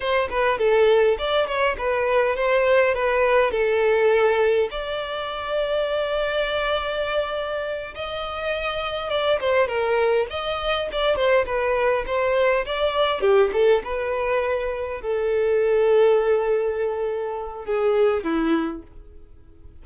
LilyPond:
\new Staff \with { instrumentName = "violin" } { \time 4/4 \tempo 4 = 102 c''8 b'8 a'4 d''8 cis''8 b'4 | c''4 b'4 a'2 | d''1~ | d''4. dis''2 d''8 |
c''8 ais'4 dis''4 d''8 c''8 b'8~ | b'8 c''4 d''4 g'8 a'8 b'8~ | b'4. a'2~ a'8~ | a'2 gis'4 e'4 | }